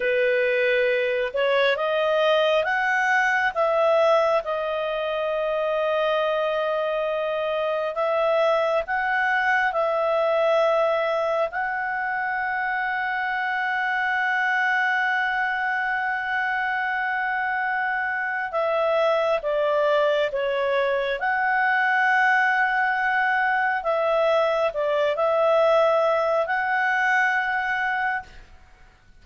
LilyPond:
\new Staff \with { instrumentName = "clarinet" } { \time 4/4 \tempo 4 = 68 b'4. cis''8 dis''4 fis''4 | e''4 dis''2.~ | dis''4 e''4 fis''4 e''4~ | e''4 fis''2.~ |
fis''1~ | fis''4 e''4 d''4 cis''4 | fis''2. e''4 | d''8 e''4. fis''2 | }